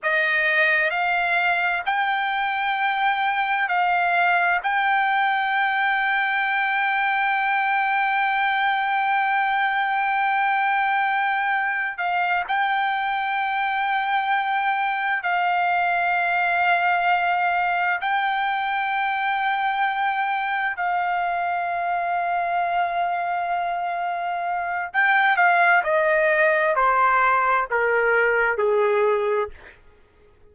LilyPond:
\new Staff \with { instrumentName = "trumpet" } { \time 4/4 \tempo 4 = 65 dis''4 f''4 g''2 | f''4 g''2.~ | g''1~ | g''4 f''8 g''2~ g''8~ |
g''8 f''2. g''8~ | g''2~ g''8 f''4.~ | f''2. g''8 f''8 | dis''4 c''4 ais'4 gis'4 | }